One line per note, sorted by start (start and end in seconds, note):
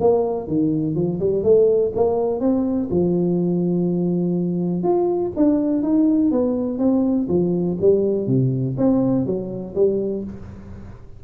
0.00 0.47 A#3
0.47 0.94 D#3
0.94 1.19 F3
1.19 1.43 G3
1.43 1.92 A3
1.95 2.40 A#3
2.40 2.88 C4
2.90 4.82 F3
4.82 5.31 F4
5.36 5.82 D4
5.82 6.31 D#4
6.31 6.78 B3
6.78 7.27 C4
7.28 7.77 F3
7.80 8.27 G3
8.27 8.76 C3
8.77 9.25 C4
9.25 9.74 F#3
9.75 10.23 G3